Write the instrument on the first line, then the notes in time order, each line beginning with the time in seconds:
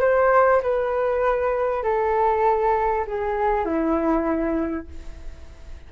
flute
0.00 C5
0.62 B4
1.83 A4
3.07 G#4
3.65 E4